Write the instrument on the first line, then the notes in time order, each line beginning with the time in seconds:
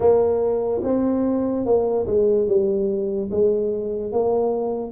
tuba
0.00 A#3
0.83 C4
1.65 A#3
2.06 G#3
2.47 G3
3.30 G#3
4.12 A#3